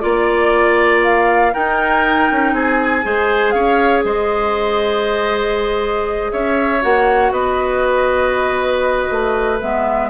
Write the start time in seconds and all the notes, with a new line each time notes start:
0.00 A#3 F4 D5
1.04 F5
1.54 D#4 A#4 G5
2.31 C#4
2.53 C4 G#4 G#5
3.03 G#3 G#4 C5
3.51 C#4 C#5 F5
4.05 G#3 C5 D#5
6.32 C#4 C#5 E5
6.82 A#3 F#4 F#5
7.32 B3 B4 D#5
9.11 A3
9.60 G#3 B3 E5